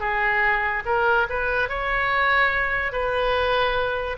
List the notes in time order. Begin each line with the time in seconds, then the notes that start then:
0.00 G#4
0.86 A#4
1.30 B4
1.70 C#5
2.92 B4